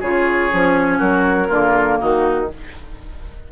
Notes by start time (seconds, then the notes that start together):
0.00 C#3 F4 G#4 C#5
0.51 F3 C#4
0.98 F#3 F#4 A#4
1.48 D3 A#3 F4
1.98 D#3 D#4 F#4